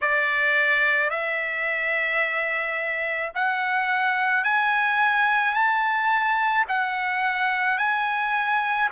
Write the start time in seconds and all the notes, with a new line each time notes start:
0.01 D5
1.10 E5
3.34 F#5
4.44 G#5
5.54 A5
6.68 F#5
7.78 G#5